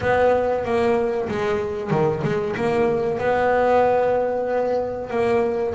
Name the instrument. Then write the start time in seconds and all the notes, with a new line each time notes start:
double bass
0.01 B3
0.64 A#3
1.29 G#3
1.90 D#3
2.23 G#3
2.56 A#3
3.18 B3
5.10 A#3